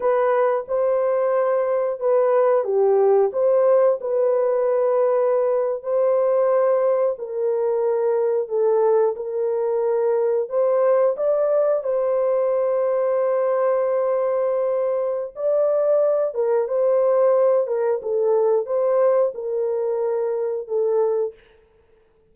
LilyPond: \new Staff \with { instrumentName = "horn" } { \time 4/4 \tempo 4 = 90 b'4 c''2 b'4 | g'4 c''4 b'2~ | b'8. c''2 ais'4~ ais'16~ | ais'8. a'4 ais'2 c''16~ |
c''8. d''4 c''2~ c''16~ | c''2. d''4~ | d''8 ais'8 c''4. ais'8 a'4 | c''4 ais'2 a'4 | }